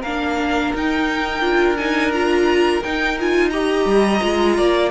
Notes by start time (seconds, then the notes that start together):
0.00 A#3 D4 A#4 F5
0.74 D#4 G5
1.41 D4 F4
1.76 D#4 G#5
2.13 F4 A#5
2.83 D#4 G5
3.19 F4 G#5
3.50 G4 D#5 A#5
3.85 G3
4.20 G#3 F4
4.57 A#3 D5